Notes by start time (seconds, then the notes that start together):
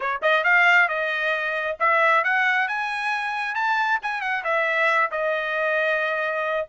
0.00 C#5
0.22 D#5
0.44 F5
0.88 D#5
1.79 E5
2.23 F#5
2.68 G#5
3.54 A5
4.02 G#5
4.21 F#5
4.43 E5
5.11 D#5